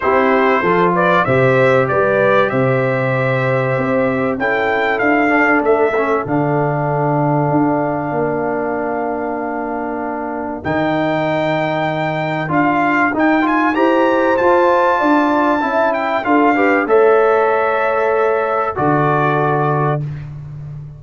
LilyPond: <<
  \new Staff \with { instrumentName = "trumpet" } { \time 4/4 \tempo 4 = 96 c''4. d''8 e''4 d''4 | e''2. g''4 | f''4 e''4 f''2~ | f''1~ |
f''4 g''2. | f''4 g''8 gis''8 ais''4 a''4~ | a''4. g''8 f''4 e''4~ | e''2 d''2 | }
  \new Staff \with { instrumentName = "horn" } { \time 4/4 g'4 a'8 b'8 c''4 b'4 | c''2. a'4~ | a'1~ | a'4 ais'2.~ |
ais'1~ | ais'2 c''2 | d''4 e''4 a'8 b'8 cis''4~ | cis''2 a'2 | }
  \new Staff \with { instrumentName = "trombone" } { \time 4/4 e'4 f'4 g'2~ | g'2. e'4~ | e'8 d'4 cis'8 d'2~ | d'1~ |
d'4 dis'2. | f'4 dis'8 f'8 g'4 f'4~ | f'4 e'4 f'8 g'8 a'4~ | a'2 fis'2 | }
  \new Staff \with { instrumentName = "tuba" } { \time 4/4 c'4 f4 c4 g4 | c2 c'4 cis'4 | d'4 a4 d2 | d'4 ais2.~ |
ais4 dis2. | d'4 dis'4 e'4 f'4 | d'4 cis'4 d'4 a4~ | a2 d2 | }
>>